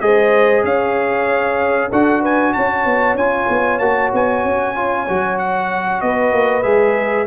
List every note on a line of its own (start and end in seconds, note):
0.00 0.63 G#3
0.00 1.90 G#4
0.00 0.65 C5
0.00 0.63 D#5
0.63 1.90 C#4
0.63 1.89 C#5
0.63 1.91 F5
1.89 2.55 D4
1.89 3.18 F#4
1.89 2.21 A4
1.89 2.23 F#5
2.21 2.52 B4
2.21 2.53 G#5
2.53 2.85 C#4
2.53 6.03 C#5
2.53 3.16 A5
2.85 3.15 B3
3.15 3.46 C#4
3.15 3.81 F4
3.15 3.79 G#5
3.49 3.79 B3
3.79 4.11 A#3
3.79 4.75 F#4
3.79 4.10 A5
4.13 4.44 B3
4.13 5.38 G#5
4.44 5.07 C#4
4.75 5.07 F4
5.08 6.02 F#3
5.08 6.62 F#4
5.38 6.01 F#5
6.01 6.32 B3
6.01 7.26 B4
6.01 6.63 D#5
6.32 6.64 A#3
6.62 7.26 G#3
6.62 7.26 G#4
6.62 7.26 E5